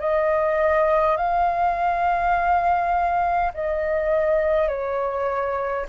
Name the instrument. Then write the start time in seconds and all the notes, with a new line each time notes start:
flute
0.00 D#5
1.17 F5
3.54 D#5
4.68 C#5